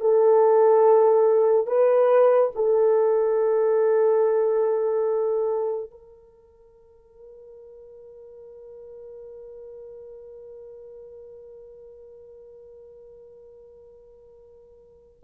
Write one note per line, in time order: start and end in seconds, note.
0.00 1.66 A4
1.66 2.51 B4
2.55 5.90 A4
5.90 15.20 A#4